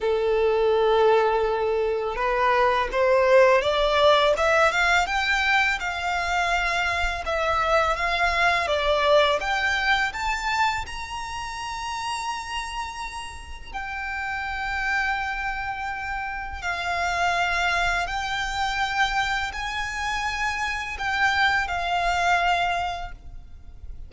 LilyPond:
\new Staff \with { instrumentName = "violin" } { \time 4/4 \tempo 4 = 83 a'2. b'4 | c''4 d''4 e''8 f''8 g''4 | f''2 e''4 f''4 | d''4 g''4 a''4 ais''4~ |
ais''2. g''4~ | g''2. f''4~ | f''4 g''2 gis''4~ | gis''4 g''4 f''2 | }